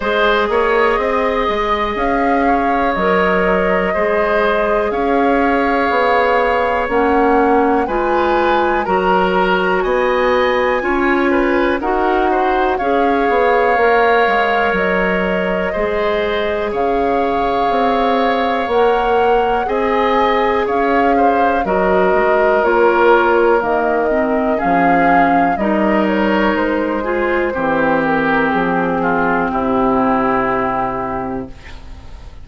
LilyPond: <<
  \new Staff \with { instrumentName = "flute" } { \time 4/4 \tempo 4 = 61 dis''2 f''4 dis''4~ | dis''4 f''2 fis''4 | gis''4 ais''4 gis''2 | fis''4 f''2 dis''4~ |
dis''4 f''2 fis''4 | gis''4 f''4 dis''4 cis''4 | dis''4 f''4 dis''8 cis''8 c''4~ | c''8 ais'8 gis'4 g'2 | }
  \new Staff \with { instrumentName = "oboe" } { \time 4/4 c''8 cis''8 dis''4. cis''4. | c''4 cis''2. | b'4 ais'4 dis''4 cis''8 b'8 | ais'8 c''8 cis''2. |
c''4 cis''2. | dis''4 cis''8 c''8 ais'2~ | ais'4 gis'4 ais'4. gis'8 | g'4. f'8 e'2 | }
  \new Staff \with { instrumentName = "clarinet" } { \time 4/4 gis'2. ais'4 | gis'2. cis'4 | f'4 fis'2 f'4 | fis'4 gis'4 ais'2 |
gis'2. ais'4 | gis'2 fis'4 f'4 | ais8 c'8 cis'4 dis'4. f'8 | c'1 | }
  \new Staff \with { instrumentName = "bassoon" } { \time 4/4 gis8 ais8 c'8 gis8 cis'4 fis4 | gis4 cis'4 b4 ais4 | gis4 fis4 b4 cis'4 | dis'4 cis'8 b8 ais8 gis8 fis4 |
gis4 cis4 c'4 ais4 | c'4 cis'4 fis8 gis8 ais4 | dis4 f4 g4 gis4 | e4 f4 c2 | }
>>